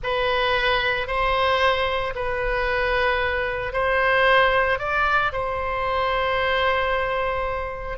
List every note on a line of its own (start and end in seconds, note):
0.03 1.07 B4
1.07 2.13 C5
2.15 3.72 B4
3.72 4.78 C5
4.78 5.31 D5
5.32 7.98 C5